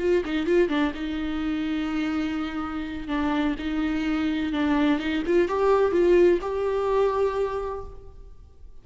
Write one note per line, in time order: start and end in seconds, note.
0.00 0.24 F4
0.26 0.47 D#4
0.47 0.69 F4
0.69 0.93 D4
0.95 3.08 D#4
3.08 3.56 D4
3.59 4.53 D#4
4.53 5.00 D4
5.00 5.24 D#4
5.27 5.49 F4
5.49 5.92 G4
5.92 6.40 F4
6.42 7.85 G4